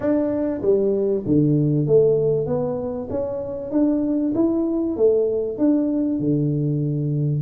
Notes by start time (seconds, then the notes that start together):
0.00 D4
0.61 G3
1.25 D3
1.86 A3
2.46 B3
3.09 C#4
3.71 D4
4.34 E4
4.96 A3
5.58 D4
6.19 D3